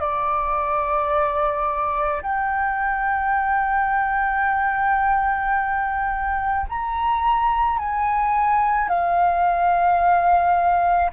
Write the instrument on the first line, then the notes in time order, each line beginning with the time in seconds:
flute
0.00 D5
2.22 G5
6.69 A#5
7.79 G#5
8.89 F5